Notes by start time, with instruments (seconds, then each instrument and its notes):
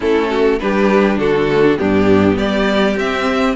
0.00 cello A3, viola C#4, violin E4 A4
0.29 violin F#4
0.59 cello G3, viola D4, violin G4 B4
1.18 cello D3, violin F#4 A4
1.49 viola A3
1.63 viola D4
1.77 cello G2, viola B3, violin D4 G4
2.36 cello G3, violin G4 D5
2.96 cello C4, viola C4, violin E5